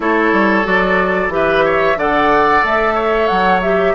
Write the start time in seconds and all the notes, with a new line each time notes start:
0.00 A3 E4 A4 C#5
0.32 G3
0.64 F#3 F#4 D5
1.28 E3 G4 E5
1.34 B4
1.64 C#5
1.96 D3 A4 D5 F#5
2.63 A3 E5
2.94 C#5
3.27 F#3 F#5
3.61 G4 E5